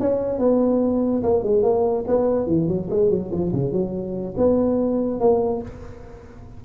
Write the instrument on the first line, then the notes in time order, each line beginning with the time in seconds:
tuba
0.00 C#4
0.39 B3
1.23 A#3
1.43 G#3
1.63 A#3
2.08 B3
2.47 E3
2.68 F#3
2.90 G#3
3.10 F#3
3.31 F3
3.53 C#3
3.72 F#3
4.37 B3
5.20 A#3